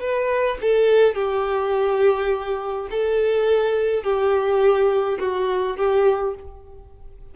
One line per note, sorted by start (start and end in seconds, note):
0.00 0.58 B4
0.61 1.15 A4
1.15 2.88 G4
2.91 4.03 A4
4.03 5.18 G4
5.19 5.77 F#4
5.77 6.35 G4